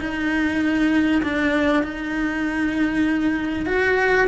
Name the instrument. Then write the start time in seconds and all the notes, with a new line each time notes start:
cello
0.00 D#4
1.23 D4
1.83 D#4
3.67 F#4